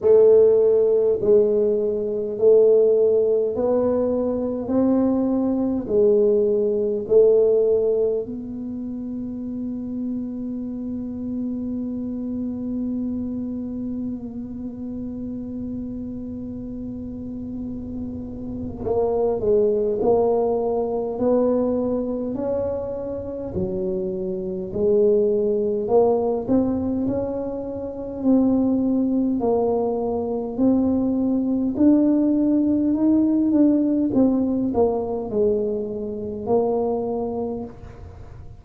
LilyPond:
\new Staff \with { instrumentName = "tuba" } { \time 4/4 \tempo 4 = 51 a4 gis4 a4 b4 | c'4 gis4 a4 b4~ | b1~ | b1 |
ais8 gis8 ais4 b4 cis'4 | fis4 gis4 ais8 c'8 cis'4 | c'4 ais4 c'4 d'4 | dis'8 d'8 c'8 ais8 gis4 ais4 | }